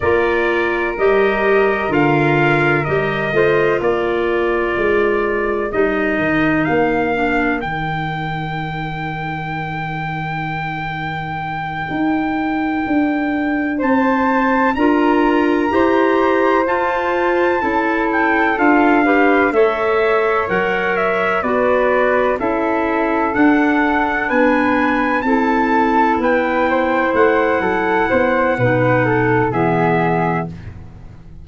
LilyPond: <<
  \new Staff \with { instrumentName = "trumpet" } { \time 4/4 \tempo 4 = 63 d''4 dis''4 f''4 dis''4 | d''2 dis''4 f''4 | g''1~ | g''2~ g''8 a''4 ais''8~ |
ais''4. a''4. g''8 f''8~ | f''8 e''4 fis''8 e''8 d''4 e''8~ | e''8 fis''4 gis''4 a''4 g''8~ | g''8 fis''2~ fis''8 e''4 | }
  \new Staff \with { instrumentName = "flute" } { \time 4/4 ais'2.~ ais'8 c''8 | ais'1~ | ais'1~ | ais'2~ ais'8 c''4 ais'8~ |
ais'8 c''2 a'4. | b'8 cis''2 b'4 a'8~ | a'4. b'4 a'4 b'8 | c''4 a'8 c''8 b'8 a'8 gis'4 | }
  \new Staff \with { instrumentName = "clarinet" } { \time 4/4 f'4 g'4 f'4 g'8 f'8~ | f'2 dis'4. d'8 | dis'1~ | dis'2.~ dis'8 f'8~ |
f'8 g'4 f'4 e'4 f'8 | g'8 a'4 ais'4 fis'4 e'8~ | e'8 d'2 e'4.~ | e'2 dis'4 b4 | }
  \new Staff \with { instrumentName = "tuba" } { \time 4/4 ais4 g4 d4 g8 a8 | ais4 gis4 g8 dis8 ais4 | dis1~ | dis8 dis'4 d'4 c'4 d'8~ |
d'8 e'4 f'4 cis'4 d'8~ | d'8 a4 fis4 b4 cis'8~ | cis'8 d'4 b4 c'4 b8~ | b8 a8 fis8 b8 b,4 e4 | }
>>